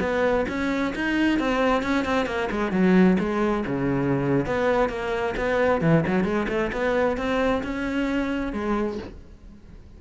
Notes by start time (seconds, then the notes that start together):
0.00 B3
0.48 C#4
0.95 D#4
1.39 C4
1.82 C#4
2.05 C4
2.26 A#3
2.51 G#3
2.71 F#3
3.19 G#3
3.66 C#3
4.46 B3
4.89 A#3
5.37 B3
5.81 E3
6.07 F#3
6.24 G#3
6.48 A3
6.72 B3
7.17 C4
7.63 C#4
8.53 G#3